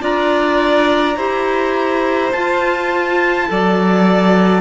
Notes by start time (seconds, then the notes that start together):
0.00 D4 F4 D5 A#5
1.16 E4 G4 C5
2.32 F4 A5
3.47 F#3 A4 D5